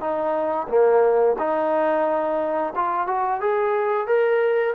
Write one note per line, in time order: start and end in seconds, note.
0.00 0.67 D#4
0.68 1.36 A#3
1.39 2.73 D#4
2.75 3.07 F4
3.07 3.40 F#4
3.40 4.07 G#4
4.07 4.74 A#4